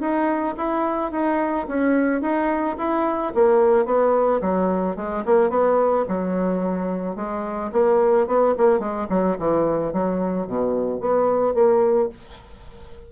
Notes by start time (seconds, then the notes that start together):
0.00 D#4
0.57 E4
1.11 D#4
1.68 C#4
2.21 D#4
2.78 E4
3.34 A#3
3.85 B3
4.41 F#3
4.96 G#3
5.25 A#3
5.50 B3
6.08 F#3
7.16 G#3
7.72 A#3
8.27 B3
8.57 A#3
8.79 G#3
9.09 F#3
9.38 E3
9.93 F#3
10.47 B2
11.00 B3
11.54 A#3